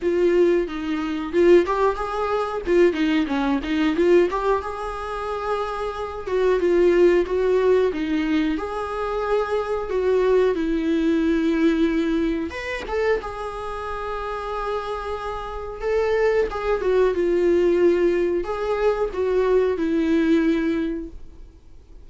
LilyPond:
\new Staff \with { instrumentName = "viola" } { \time 4/4 \tempo 4 = 91 f'4 dis'4 f'8 g'8 gis'4 | f'8 dis'8 cis'8 dis'8 f'8 g'8 gis'4~ | gis'4. fis'8 f'4 fis'4 | dis'4 gis'2 fis'4 |
e'2. b'8 a'8 | gis'1 | a'4 gis'8 fis'8 f'2 | gis'4 fis'4 e'2 | }